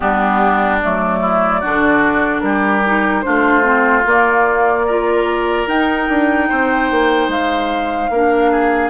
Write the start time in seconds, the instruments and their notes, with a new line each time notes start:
0.00 bassoon G3, clarinet B3, oboe D4, flute G4
0.81 bassoon F#3, clarinet A3, flute D5
1.20 oboe E4
1.60 bassoon D3, clarinet D4, oboe F#4
2.40 bassoon G3, oboe G4, flute A#4
2.84 clarinet D#4
3.21 bassoon A3, clarinet D4, oboe F4, flute C5
3.62 clarinet C4
4.05 bassoon A#3, clarinet A#3, flute D5
4.86 clarinet F4, oboe A#4
5.66 bassoon D#4, clarinet D#4, flute G5
6.08 bassoon D4
6.48 bassoon C4, oboe C5
6.90 bassoon A#3
7.28 bassoon G#3, flute F5
8.09 bassoon A#3, clarinet D4, oboe A#4
8.51 oboe G#4